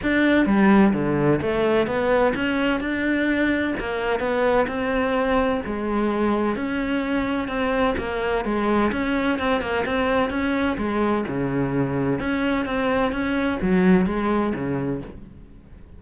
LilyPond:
\new Staff \with { instrumentName = "cello" } { \time 4/4 \tempo 4 = 128 d'4 g4 d4 a4 | b4 cis'4 d'2 | ais4 b4 c'2 | gis2 cis'2 |
c'4 ais4 gis4 cis'4 | c'8 ais8 c'4 cis'4 gis4 | cis2 cis'4 c'4 | cis'4 fis4 gis4 cis4 | }